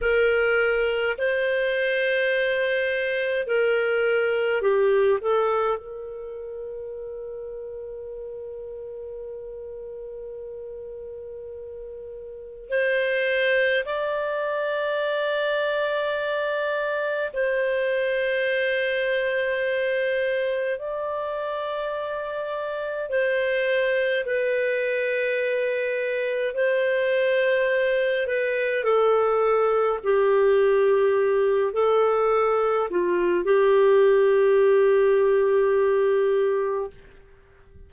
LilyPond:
\new Staff \with { instrumentName = "clarinet" } { \time 4/4 \tempo 4 = 52 ais'4 c''2 ais'4 | g'8 a'8 ais'2.~ | ais'2. c''4 | d''2. c''4~ |
c''2 d''2 | c''4 b'2 c''4~ | c''8 b'8 a'4 g'4. a'8~ | a'8 f'8 g'2. | }